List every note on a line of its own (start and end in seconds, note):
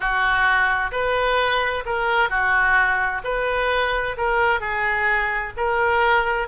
0.00 0.91 F#4
0.91 1.83 B4
1.85 2.29 A#4
2.29 3.21 F#4
3.24 4.16 B4
4.17 4.60 A#4
4.60 5.52 G#4
5.56 6.48 A#4